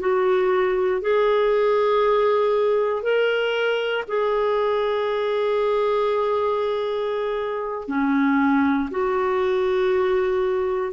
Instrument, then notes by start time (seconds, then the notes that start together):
clarinet
0.00 F#4
1.02 G#4
3.03 A#4
4.08 G#4
7.88 C#4
8.91 F#4